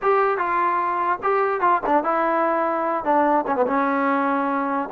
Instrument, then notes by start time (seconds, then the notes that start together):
trombone
0.01 G4
0.37 F4
1.22 G4
1.60 F4
1.86 D4
2.03 E4
3.04 D4
3.46 C#4
3.55 B3
3.66 C#4